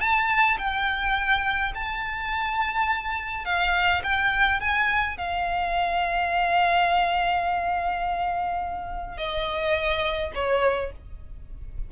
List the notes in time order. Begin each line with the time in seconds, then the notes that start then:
0.00 A5
0.58 G5
1.75 A5
3.45 F5
4.03 G5
4.60 G#5
5.17 F5
9.17 D#5
10.35 C#5